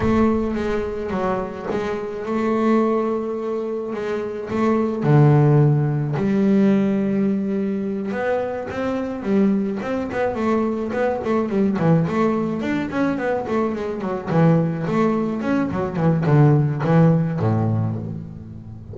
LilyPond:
\new Staff \with { instrumentName = "double bass" } { \time 4/4 \tempo 4 = 107 a4 gis4 fis4 gis4 | a2. gis4 | a4 d2 g4~ | g2~ g8 b4 c'8~ |
c'8 g4 c'8 b8 a4 b8 | a8 g8 e8 a4 d'8 cis'8 b8 | a8 gis8 fis8 e4 a4 cis'8 | fis8 e8 d4 e4 a,4 | }